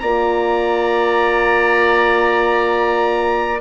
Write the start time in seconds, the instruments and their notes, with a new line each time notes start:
0.00 bassoon A#3, horn F4, oboe D5, trumpet A#5